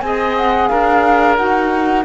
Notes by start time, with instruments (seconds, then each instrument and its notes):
0.00 cello C4, saxophone G#4, oboe D#5, flute G#5
0.37 flute F#5
0.68 cello D4, oboe A#4, flute F5
1.36 cello D#4, saxophone F#4, flute F#5